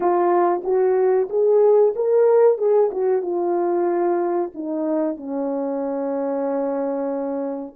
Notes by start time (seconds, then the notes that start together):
0.00 F4
0.64 F#4
1.29 G#4
1.95 A#4
2.58 G#4
2.91 F#4
3.22 F4
4.54 D#4
5.16 C#4